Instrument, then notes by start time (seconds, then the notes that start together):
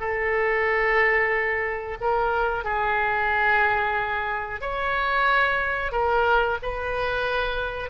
oboe
0.00 A4
2.00 A#4
2.64 G#4
4.61 C#5
5.92 A#4
6.62 B4